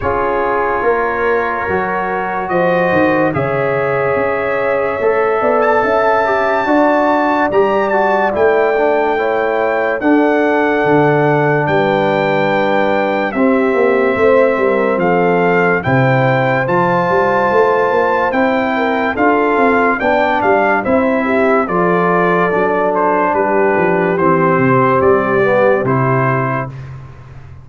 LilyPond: <<
  \new Staff \with { instrumentName = "trumpet" } { \time 4/4 \tempo 4 = 72 cis''2. dis''4 | e''2~ e''8. a''4~ a''16~ | a''4 ais''8 a''8 g''2 | fis''2 g''2 |
e''2 f''4 g''4 | a''2 g''4 f''4 | g''8 f''8 e''4 d''4. c''8 | b'4 c''4 d''4 c''4 | }
  \new Staff \with { instrumentName = "horn" } { \time 4/4 gis'4 ais'2 c''4 | cis''2~ cis''8 d''8 e''4 | d''2. cis''4 | a'2 b'2 |
g'4 c''8 ais'8 a'4 c''4~ | c''2~ c''8 ais'8 a'4 | d''4 c''8 g'8 a'2 | g'1 | }
  \new Staff \with { instrumentName = "trombone" } { \time 4/4 f'2 fis'2 | gis'2 a'4. g'8 | fis'4 g'8 fis'8 e'8 d'8 e'4 | d'1 |
c'2. e'4 | f'2 e'4 f'4 | d'4 e'4 f'4 d'4~ | d'4 c'4. b8 e'4 | }
  \new Staff \with { instrumentName = "tuba" } { \time 4/4 cis'4 ais4 fis4 f8 dis8 | cis4 cis'4 a8 b8 cis'4 | d'4 g4 a2 | d'4 d4 g2 |
c'8 ais8 a8 g8 f4 c4 | f8 g8 a8 ais8 c'4 d'8 c'8 | b8 g8 c'4 f4 fis4 | g8 f8 e8 c8 g4 c4 | }
>>